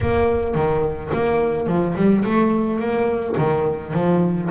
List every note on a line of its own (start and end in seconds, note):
0.00 0.54 A#3
0.54 1.10 D#3
1.13 1.67 A#3
1.67 1.95 F3
1.95 2.24 G3
2.24 2.79 A3
2.79 3.35 A#3
3.37 3.93 D#3
3.93 4.49 F3